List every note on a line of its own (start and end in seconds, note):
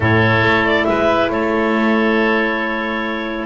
0.00 0.41 A2
0.00 3.45 E4
0.00 0.87 A4
0.00 0.66 C#5
0.41 0.85 A3
0.66 0.84 D5
0.84 1.29 G#3
0.84 1.31 B4
0.84 1.28 E5
1.29 3.45 A3
1.29 3.45 A4
1.29 3.45 C#5